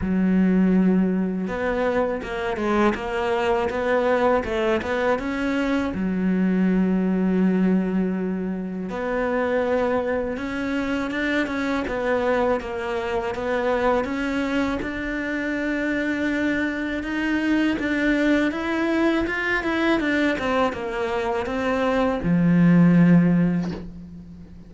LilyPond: \new Staff \with { instrumentName = "cello" } { \time 4/4 \tempo 4 = 81 fis2 b4 ais8 gis8 | ais4 b4 a8 b8 cis'4 | fis1 | b2 cis'4 d'8 cis'8 |
b4 ais4 b4 cis'4 | d'2. dis'4 | d'4 e'4 f'8 e'8 d'8 c'8 | ais4 c'4 f2 | }